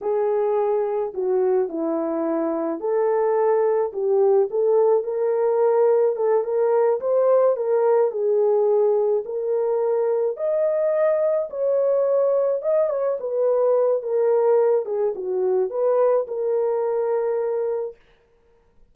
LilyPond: \new Staff \with { instrumentName = "horn" } { \time 4/4 \tempo 4 = 107 gis'2 fis'4 e'4~ | e'4 a'2 g'4 | a'4 ais'2 a'8 ais'8~ | ais'8 c''4 ais'4 gis'4.~ |
gis'8 ais'2 dis''4.~ | dis''8 cis''2 dis''8 cis''8 b'8~ | b'4 ais'4. gis'8 fis'4 | b'4 ais'2. | }